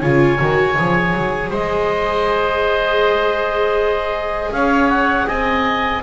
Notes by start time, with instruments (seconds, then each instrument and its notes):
0.00 double bass C#3, viola F4, oboe C#5, clarinet G#5
0.39 double bass D#3, viola F#4
0.78 double bass F3, viola G#4
1.14 double bass F#3
1.50 double bass G#3, oboe C5, clarinet D#5
4.51 double bass C#4, oboe C#5, clarinet F5
4.90 clarinet F#5
5.27 double bass C4, oboe D#5, clarinet G#5